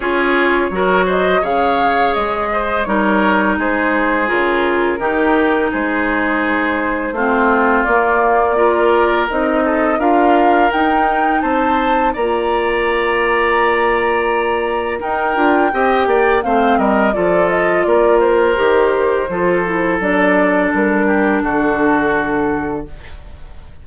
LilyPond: <<
  \new Staff \with { instrumentName = "flute" } { \time 4/4 \tempo 4 = 84 cis''4. dis''8 f''4 dis''4 | cis''4 c''4 ais'2 | c''2. d''4~ | d''4 dis''4 f''4 g''4 |
a''4 ais''2.~ | ais''4 g''2 f''8 dis''8 | d''8 dis''8 d''8 c''2~ c''8 | d''4 ais'4 a'2 | }
  \new Staff \with { instrumentName = "oboe" } { \time 4/4 gis'4 ais'8 c''8 cis''4. c''8 | ais'4 gis'2 g'4 | gis'2 f'2 | ais'4. a'8 ais'2 |
c''4 d''2.~ | d''4 ais'4 dis''8 d''8 c''8 ais'8 | a'4 ais'2 a'4~ | a'4. g'8 fis'2 | }
  \new Staff \with { instrumentName = "clarinet" } { \time 4/4 f'4 fis'4 gis'2 | dis'2 f'4 dis'4~ | dis'2 c'4 ais4 | f'4 dis'4 f'4 dis'4~ |
dis'4 f'2.~ | f'4 dis'8 f'8 g'4 c'4 | f'2 g'4 f'8 e'8 | d'1 | }
  \new Staff \with { instrumentName = "bassoon" } { \time 4/4 cis'4 fis4 cis4 gis4 | g4 gis4 cis4 dis4 | gis2 a4 ais4~ | ais4 c'4 d'4 dis'4 |
c'4 ais2.~ | ais4 dis'8 d'8 c'8 ais8 a8 g8 | f4 ais4 dis4 f4 | fis4 g4 d2 | }
>>